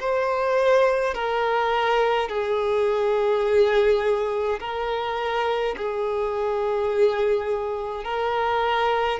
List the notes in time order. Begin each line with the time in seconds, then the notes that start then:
0.00 C5
1.14 A#4
2.29 G#4
4.60 A#4
5.77 G#4
8.05 A#4